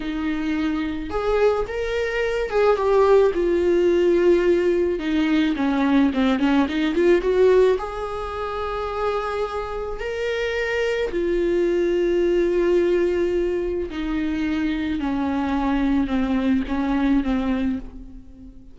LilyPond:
\new Staff \with { instrumentName = "viola" } { \time 4/4 \tempo 4 = 108 dis'2 gis'4 ais'4~ | ais'8 gis'8 g'4 f'2~ | f'4 dis'4 cis'4 c'8 cis'8 | dis'8 f'8 fis'4 gis'2~ |
gis'2 ais'2 | f'1~ | f'4 dis'2 cis'4~ | cis'4 c'4 cis'4 c'4 | }